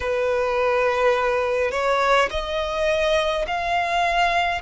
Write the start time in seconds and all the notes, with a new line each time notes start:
0.00 B4
1.71 C#5
2.30 D#5
3.47 F5